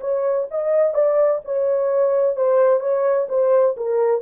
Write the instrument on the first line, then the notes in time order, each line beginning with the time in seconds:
horn
0.00 C#5
0.50 D#5
0.93 D5
1.44 C#5
2.36 C5
2.80 C#5
3.28 C5
3.76 A#4